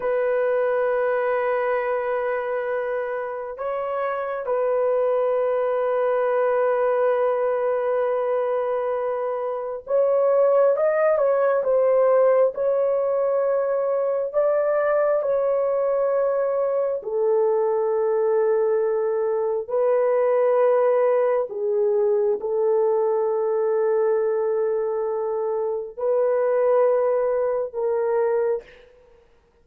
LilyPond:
\new Staff \with { instrumentName = "horn" } { \time 4/4 \tempo 4 = 67 b'1 | cis''4 b'2.~ | b'2. cis''4 | dis''8 cis''8 c''4 cis''2 |
d''4 cis''2 a'4~ | a'2 b'2 | gis'4 a'2.~ | a'4 b'2 ais'4 | }